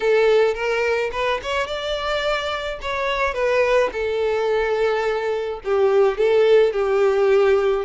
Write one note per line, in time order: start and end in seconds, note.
0.00 0.54 A4
0.54 1.10 A#4
1.12 1.40 B4
1.42 1.66 C#5
1.66 2.79 D5
2.81 3.33 C#5
3.33 3.89 B4
3.92 5.60 A4
5.64 6.17 G4
6.17 6.73 A4
6.73 7.85 G4